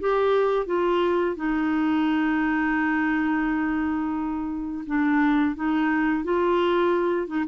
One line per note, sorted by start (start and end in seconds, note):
0.00 0.66 G4
0.66 1.36 F4
1.36 4.85 D#4
4.86 5.56 D4
5.56 6.24 D#4
6.24 7.27 F4
7.27 7.45 D#4